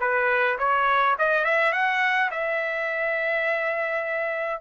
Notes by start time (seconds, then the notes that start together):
0.00 B4
0.58 C#5
1.19 D#5
1.44 E5
1.72 F#5
2.31 E5